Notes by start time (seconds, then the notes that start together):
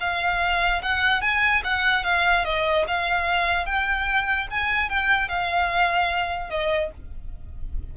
0.00 F5
0.82 F#5
1.21 G#5
1.64 F#5
2.04 F5
2.44 D#5
2.87 F5
3.66 G5
4.50 G#5
4.89 G5
5.28 F5
6.50 D#5